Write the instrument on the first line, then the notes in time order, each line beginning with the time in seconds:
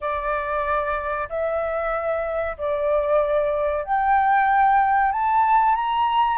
flute
0.00 D5
1.29 E5
2.57 D5
3.84 G5
5.12 A5
5.75 A#5